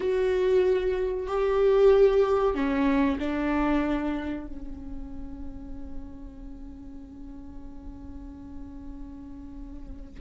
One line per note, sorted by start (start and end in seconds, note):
0.00 1.27 F#4
1.27 2.54 G4
2.54 3.18 C#4
3.19 4.46 D4
4.47 10.20 C#4